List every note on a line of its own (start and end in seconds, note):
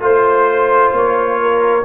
0.00 0.91 A3
0.00 1.82 F4
0.00 0.94 C5
0.00 1.40 C5
0.92 1.83 A#3
0.92 1.84 C#5
1.41 1.84 A#4